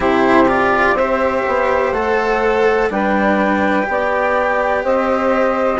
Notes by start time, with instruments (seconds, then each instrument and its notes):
0.00 bassoon C3, cello E4, saxophone G4, flute C5
0.48 cello F4, flute D5
0.93 bassoon C4, saxophone C5, flute E5
0.99 cello G4
1.47 bassoon B3
1.92 bassoon A3, cello A4, flute F#5
2.90 bassoon G3, cello D4, saxophone B4, flute G5
3.82 bassoon B3, cello G4
3.90 saxophone D5
4.83 bassoon C4, saxophone C5, flute D#5